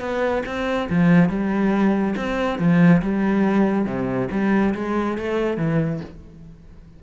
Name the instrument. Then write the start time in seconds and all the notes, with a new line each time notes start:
cello
0.00 B3
0.46 C4
0.89 F3
1.29 G3
2.16 C4
2.59 F3
3.02 G3
3.85 C3
4.31 G3
4.75 G#3
5.18 A3
5.57 E3